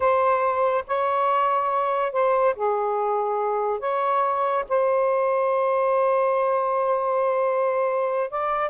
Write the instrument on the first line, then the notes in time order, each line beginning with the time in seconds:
saxophone
0.00 C5
0.87 C#5
2.12 C5
2.55 G#4
3.79 C#5
4.68 C5
8.30 D5